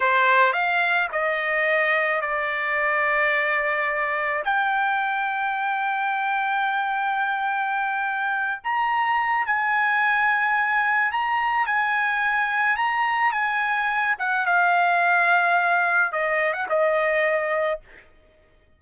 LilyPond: \new Staff \with { instrumentName = "trumpet" } { \time 4/4 \tempo 4 = 108 c''4 f''4 dis''2 | d''1 | g''1~ | g''2.~ g''8 ais''8~ |
ais''4 gis''2. | ais''4 gis''2 ais''4 | gis''4. fis''8 f''2~ | f''4 dis''8. fis''16 dis''2 | }